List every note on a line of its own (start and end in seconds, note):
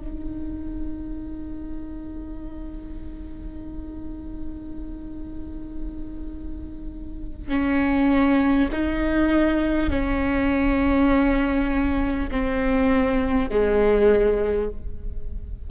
0.00 7.48 D#4
7.48 8.68 C#4
8.72 9.90 D#4
9.90 12.30 C#4
12.31 13.50 C4
13.50 14.70 G#3